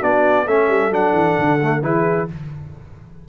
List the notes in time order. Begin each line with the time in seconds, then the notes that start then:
0.00 B3 D4 F#4 D5
0.46 A3 C#4 A4 E5
0.69 G3
0.91 F#3 D4 F#5
1.13 E3
1.38 D3
1.63 A3
1.83 E3 E4 G#4 B4